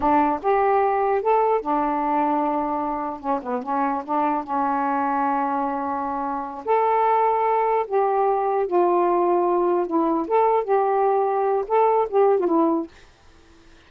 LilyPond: \new Staff \with { instrumentName = "saxophone" } { \time 4/4 \tempo 4 = 149 d'4 g'2 a'4 | d'1 | cis'8 b8 cis'4 d'4 cis'4~ | cis'1~ |
cis'8 a'2. g'8~ | g'4. f'2~ f'8~ | f'8 e'4 a'4 g'4.~ | g'4 a'4 g'8. f'16 e'4 | }